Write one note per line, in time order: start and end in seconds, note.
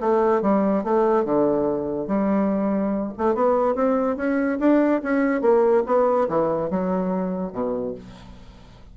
0.00 0.41 A3
0.41 0.83 G3
0.84 1.24 A3
1.24 2.07 D3
2.07 3.12 G3
3.17 3.34 A3
3.34 3.75 B3
3.75 4.16 C4
4.16 4.58 C#4
4.59 5.01 D4
5.03 5.41 C#4
5.41 5.83 A#3
5.86 6.28 B3
6.28 6.70 E3
6.70 7.52 F#3
7.52 7.94 B2